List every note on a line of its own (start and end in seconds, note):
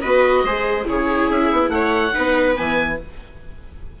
0.00 0.43 B3
0.00 0.46 F#4
0.00 0.44 B4
0.00 0.85 D#5
0.43 0.85 G#3
0.43 0.84 G#4
0.43 0.87 C5
0.84 1.29 C#3
0.84 2.11 E4
0.84 1.72 G#4
0.84 1.30 C#5
1.29 1.50 C#4
1.29 1.69 E5
1.52 1.68 B3
1.68 2.11 A3
1.68 2.14 C#5
1.68 2.54 F#5
2.12 2.58 B3
2.12 2.55 D#4
2.12 2.98 B4
2.55 3.00 E3
2.55 2.98 B3
2.55 2.99 G#5